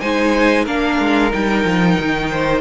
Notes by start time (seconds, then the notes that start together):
0.00 G#3 D#4 C5 G#5
0.64 A#3 D4 A#4 F5
1.00 G#3
1.31 G3 D#4 G5
1.65 F3
1.99 D#3
2.30 C5